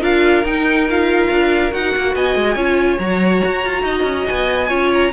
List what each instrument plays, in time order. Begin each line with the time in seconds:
0.00 cello D4, viola F4, violin A#4 F5
0.44 cello D#4, viola D#4, violin G5
0.89 viola F4, violin F5
1.30 cello D4
1.71 cello D#4, viola F#4, violin F#5
1.95 cello A#3
2.15 cello B3, violin D#5 G#5
2.35 cello G#3
2.55 cello C#4, viola F4, violin C#5
2.99 cello F#3, viola F#4, violin A#5
3.44 cello F#4
3.65 cello F4
3.83 cello D#4, violin D#5
4.03 cello C#4
4.26 cello B3, violin G#5
4.68 cello C#4, viola F4, violin C#5
4.94 violin A#5